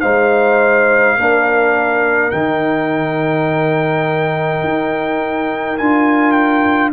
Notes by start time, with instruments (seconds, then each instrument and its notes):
0.00 tuba G#3, trombone D#4, horn C5, trumpet F5
1.16 tuba A#3, trombone D4, horn A#4
2.31 tuba D#3, trombone D#4, trumpet G5
4.64 tuba D#4
5.78 tuba D4, trombone F4, trumpet G#5
6.32 trumpet G5